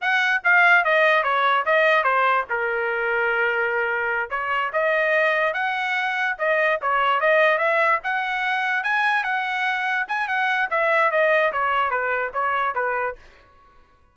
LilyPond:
\new Staff \with { instrumentName = "trumpet" } { \time 4/4 \tempo 4 = 146 fis''4 f''4 dis''4 cis''4 | dis''4 c''4 ais'2~ | ais'2~ ais'8 cis''4 dis''8~ | dis''4. fis''2 dis''8~ |
dis''8 cis''4 dis''4 e''4 fis''8~ | fis''4. gis''4 fis''4.~ | fis''8 gis''8 fis''4 e''4 dis''4 | cis''4 b'4 cis''4 b'4 | }